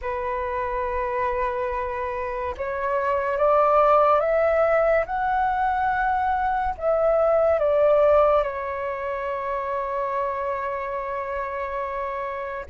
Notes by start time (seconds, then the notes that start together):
0.01 B4
2.57 C#5
3.37 D5
4.20 E5
5.06 F#5
6.77 E5
7.59 D5
8.43 C#5